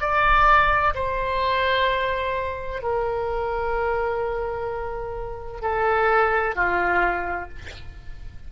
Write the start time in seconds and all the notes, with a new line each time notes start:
0.00 D5
0.95 C5
2.82 A#4
5.62 A4
6.55 F4